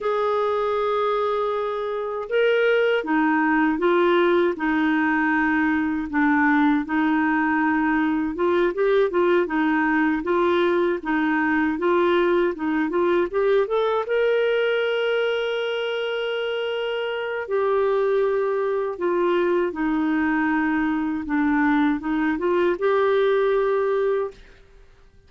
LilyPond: \new Staff \with { instrumentName = "clarinet" } { \time 4/4 \tempo 4 = 79 gis'2. ais'4 | dis'4 f'4 dis'2 | d'4 dis'2 f'8 g'8 | f'8 dis'4 f'4 dis'4 f'8~ |
f'8 dis'8 f'8 g'8 a'8 ais'4.~ | ais'2. g'4~ | g'4 f'4 dis'2 | d'4 dis'8 f'8 g'2 | }